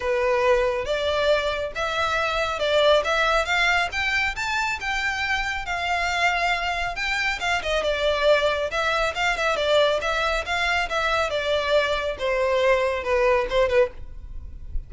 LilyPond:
\new Staff \with { instrumentName = "violin" } { \time 4/4 \tempo 4 = 138 b'2 d''2 | e''2 d''4 e''4 | f''4 g''4 a''4 g''4~ | g''4 f''2. |
g''4 f''8 dis''8 d''2 | e''4 f''8 e''8 d''4 e''4 | f''4 e''4 d''2 | c''2 b'4 c''8 b'8 | }